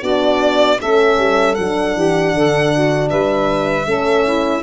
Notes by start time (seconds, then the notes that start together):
0.00 B3 D4 F#4 D5
0.81 A3 C#4 A4 E5
1.18 G3
1.54 F#3 D4 F#5
1.96 E3 G4
2.34 D3 A4
2.74 F#4
3.09 G3 B4 E5
3.86 A3 C#4 A4
4.25 E4